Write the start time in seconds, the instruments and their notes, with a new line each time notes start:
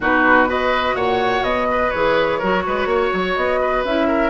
0.00 bassoon B2, clarinet D#4, oboe F#4, flute B4
0.47 clarinet F#4, oboe B4, flute D#5
0.94 bassoon A#2, oboe C#5, flute F#5
1.42 bassoon B2, flute D#5
1.70 oboe B4
1.90 bassoon E3, clarinet G#4, flute C#5
2.38 bassoon F#3, clarinet F#4, oboe A#4
2.66 bassoon G#3, oboe B4
2.85 bassoon A#3, oboe C#5
3.13 bassoon F#3
3.35 bassoon B3, flute D#5
3.61 oboe B4
3.84 bassoon C#4, clarinet E4, flute E5
4.07 oboe A#4